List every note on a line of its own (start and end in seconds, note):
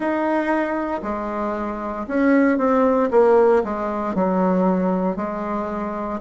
0.00 1.01 D#4
1.03 2.06 G#3
2.07 2.58 C#4
2.58 3.09 C4
3.10 3.62 A#3
3.64 4.14 G#3
4.14 5.16 F#3
5.16 6.20 G#3